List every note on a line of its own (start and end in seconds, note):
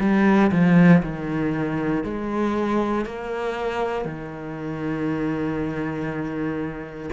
0.00 0.51 G3
0.51 1.02 F3
1.03 2.04 D#3
2.04 3.06 G#3
3.06 4.05 A#3
4.05 7.10 D#3